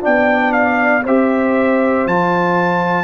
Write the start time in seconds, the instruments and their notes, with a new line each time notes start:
0.00 tuba B3, trombone D4, horn D5, trumpet G5
0.52 trumpet F5
1.03 tuba C4, trombone G4, horn C5, trumpet E5
2.06 tuba F3, trombone F4, trumpet A5